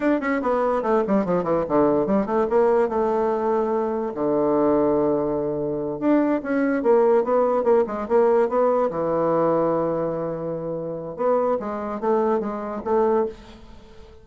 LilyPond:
\new Staff \with { instrumentName = "bassoon" } { \time 4/4 \tempo 4 = 145 d'8 cis'8 b4 a8 g8 f8 e8 | d4 g8 a8 ais4 a4~ | a2 d2~ | d2~ d8 d'4 cis'8~ |
cis'8 ais4 b4 ais8 gis8 ais8~ | ais8 b4 e2~ e8~ | e2. b4 | gis4 a4 gis4 a4 | }